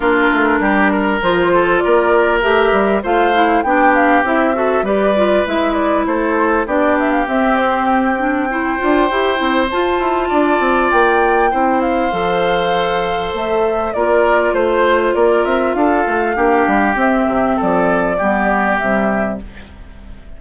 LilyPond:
<<
  \new Staff \with { instrumentName = "flute" } { \time 4/4 \tempo 4 = 99 ais'2 c''4 d''4 | e''4 f''4 g''8 f''8 e''4 | d''4 e''8 d''8 c''4 d''8 e''16 f''16 | e''8 c''8 g''2. |
a''2 g''4. f''8~ | f''2 e''4 d''4 | c''4 d''8 e''8 f''2 | e''4 d''2 e''4 | }
  \new Staff \with { instrumentName = "oboe" } { \time 4/4 f'4 g'8 ais'4 a'8 ais'4~ | ais'4 c''4 g'4. a'8 | b'2 a'4 g'4~ | g'2 c''2~ |
c''4 d''2 c''4~ | c''2. ais'4 | c''4 ais'4 a'4 g'4~ | g'4 a'4 g'2 | }
  \new Staff \with { instrumentName = "clarinet" } { \time 4/4 d'2 f'2 | g'4 f'8 e'8 d'4 e'8 fis'8 | g'8 f'8 e'2 d'4 | c'4. d'8 e'8 f'8 g'8 e'8 |
f'2. e'4 | a'2. f'4~ | f'2. d'4 | c'2 b4 g4 | }
  \new Staff \with { instrumentName = "bassoon" } { \time 4/4 ais8 a8 g4 f4 ais4 | a8 g8 a4 b4 c'4 | g4 gis4 a4 b4 | c'2~ c'8 d'8 e'8 c'8 |
f'8 e'8 d'8 c'8 ais4 c'4 | f2 a4 ais4 | a4 ais8 c'8 d'8 a8 ais8 g8 | c'8 c8 f4 g4 c4 | }
>>